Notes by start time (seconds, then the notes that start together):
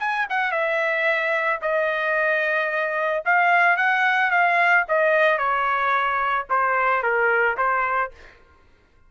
0.00 G#5
0.30 F#5
0.52 E5
1.62 D#5
3.25 F5
3.77 F#5
4.31 F5
4.88 D#5
5.38 C#5
6.50 C5
7.03 A#4
7.57 C5